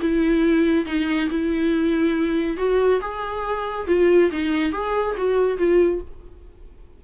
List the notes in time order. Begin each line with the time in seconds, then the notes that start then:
0.00 E4
0.86 D#4
1.29 E4
2.57 F#4
3.01 G#4
3.87 F4
4.31 D#4
4.72 G#4
5.17 F#4
5.57 F4